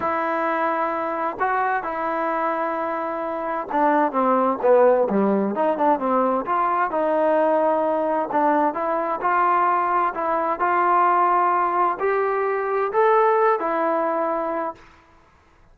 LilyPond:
\new Staff \with { instrumentName = "trombone" } { \time 4/4 \tempo 4 = 130 e'2. fis'4 | e'1 | d'4 c'4 b4 g4 | dis'8 d'8 c'4 f'4 dis'4~ |
dis'2 d'4 e'4 | f'2 e'4 f'4~ | f'2 g'2 | a'4. e'2~ e'8 | }